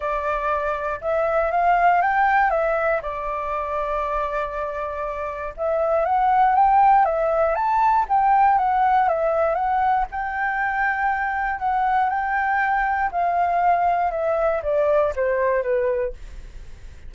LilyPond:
\new Staff \with { instrumentName = "flute" } { \time 4/4 \tempo 4 = 119 d''2 e''4 f''4 | g''4 e''4 d''2~ | d''2. e''4 | fis''4 g''4 e''4 a''4 |
g''4 fis''4 e''4 fis''4 | g''2. fis''4 | g''2 f''2 | e''4 d''4 c''4 b'4 | }